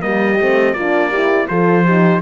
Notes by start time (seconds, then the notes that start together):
0.00 G3 A#3 G4 D#5
0.40 A3 C4
0.73 A#3 D4 F4 D5
1.09 E4 G4
1.48 F3 F4 A4 C5
1.84 D#4 G4